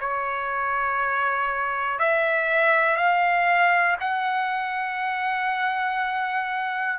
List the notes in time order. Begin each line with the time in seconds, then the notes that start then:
0.00 C#5
2.00 E5
2.97 F5
4.00 F#5